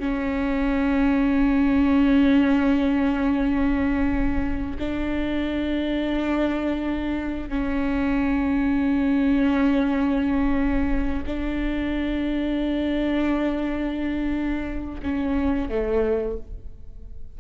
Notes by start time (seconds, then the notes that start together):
0.00 C#4
4.79 D4
7.49 C#4
11.27 D4
15.03 C#4
15.69 A3